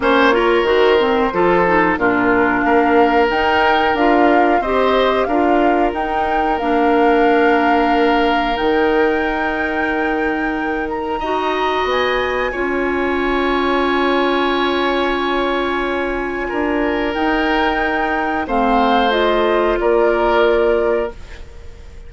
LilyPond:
<<
  \new Staff \with { instrumentName = "flute" } { \time 4/4 \tempo 4 = 91 cis''4 c''2 ais'4 | f''4 g''4 f''4 dis''4 | f''4 g''4 f''2~ | f''4 g''2.~ |
g''8 ais''4. gis''2~ | gis''1~ | gis''2 g''2 | f''4 dis''4 d''2 | }
  \new Staff \with { instrumentName = "oboe" } { \time 4/4 c''8 ais'4. a'4 f'4 | ais'2. c''4 | ais'1~ | ais'1~ |
ais'4 dis''2 cis''4~ | cis''1~ | cis''4 ais'2. | c''2 ais'2 | }
  \new Staff \with { instrumentName = "clarinet" } { \time 4/4 cis'8 f'8 fis'8 c'8 f'8 dis'8 d'4~ | d'4 dis'4 f'4 g'4 | f'4 dis'4 d'2~ | d'4 dis'2.~ |
dis'4 fis'2 f'4~ | f'1~ | f'2 dis'2 | c'4 f'2. | }
  \new Staff \with { instrumentName = "bassoon" } { \time 4/4 ais4 dis4 f4 ais,4 | ais4 dis'4 d'4 c'4 | d'4 dis'4 ais2~ | ais4 dis2.~ |
dis4 dis'4 b4 cis'4~ | cis'1~ | cis'4 d'4 dis'2 | a2 ais2 | }
>>